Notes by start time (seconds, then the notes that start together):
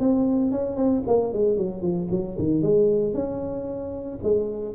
0.00 C4
0.51 C#4
0.76 C4
1.07 A#3
1.33 G#3
1.57 F#3
1.82 F3
2.11 F#3
2.39 D#3
2.62 G#3
3.14 C#4
4.23 G#3